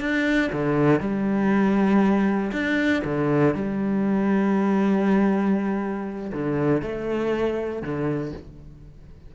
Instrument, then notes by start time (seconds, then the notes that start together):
cello
0.00 D4
0.52 D3
1.00 G3
2.52 D4
3.05 D3
3.55 G3
6.33 D3
6.82 A3
7.82 D3